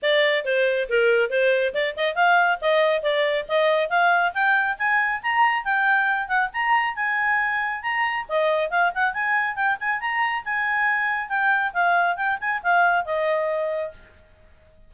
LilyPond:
\new Staff \with { instrumentName = "clarinet" } { \time 4/4 \tempo 4 = 138 d''4 c''4 ais'4 c''4 | d''8 dis''8 f''4 dis''4 d''4 | dis''4 f''4 g''4 gis''4 | ais''4 g''4. fis''8 ais''4 |
gis''2 ais''4 dis''4 | f''8 fis''8 gis''4 g''8 gis''8 ais''4 | gis''2 g''4 f''4 | g''8 gis''8 f''4 dis''2 | }